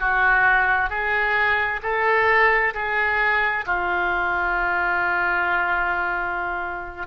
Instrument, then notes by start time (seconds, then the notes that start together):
oboe
0.00 F#4
0.90 G#4
1.83 A4
2.74 G#4
3.67 F4